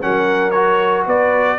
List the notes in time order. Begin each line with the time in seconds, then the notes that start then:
0.00 F#3 C#4 A#4 F#5
0.50 F#4 C#5
1.06 B3 B4 D5